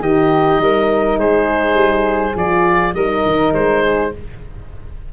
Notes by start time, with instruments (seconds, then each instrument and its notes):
0.00 tuba D#3, horn D#4, flute G4, oboe D#5
0.58 tuba G3, flute A#4
1.17 tuba G#3, flute G#4, oboe C5
1.74 tuba G3
2.35 tuba F3, horn F4, oboe D5
2.94 tuba G3, horn D#4, flute A#4, oboe D#5
3.25 tuba D#3
3.52 tuba G#3, oboe C5
3.82 flute G#4